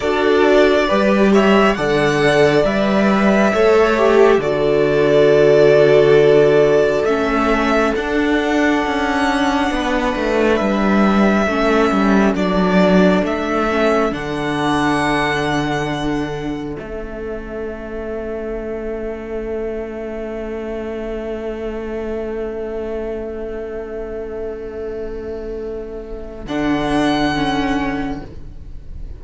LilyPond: <<
  \new Staff \with { instrumentName = "violin" } { \time 4/4 \tempo 4 = 68 d''4. e''8 fis''4 e''4~ | e''4 d''2. | e''4 fis''2. | e''2 d''4 e''4 |
fis''2. e''4~ | e''1~ | e''1~ | e''2 fis''2 | }
  \new Staff \with { instrumentName = "violin" } { \time 4/4 a'4 b'8 cis''8 d''2 | cis''4 a'2.~ | a'2. b'4~ | b'4 a'2.~ |
a'1~ | a'1~ | a'1~ | a'1 | }
  \new Staff \with { instrumentName = "viola" } { \time 4/4 fis'4 g'4 a'4 b'4 | a'8 g'8 fis'2. | cis'4 d'2.~ | d'4 cis'4 d'4. cis'8 |
d'2. cis'4~ | cis'1~ | cis'1~ | cis'2 d'4 cis'4 | }
  \new Staff \with { instrumentName = "cello" } { \time 4/4 d'4 g4 d4 g4 | a4 d2. | a4 d'4 cis'4 b8 a8 | g4 a8 g8 fis4 a4 |
d2. a4~ | a1~ | a1~ | a2 d2 | }
>>